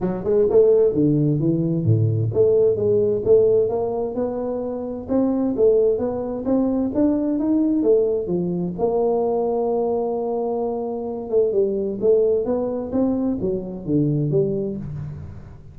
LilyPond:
\new Staff \with { instrumentName = "tuba" } { \time 4/4 \tempo 4 = 130 fis8 gis8 a4 d4 e4 | a,4 a4 gis4 a4 | ais4 b2 c'4 | a4 b4 c'4 d'4 |
dis'4 a4 f4 ais4~ | ais1~ | ais8 a8 g4 a4 b4 | c'4 fis4 d4 g4 | }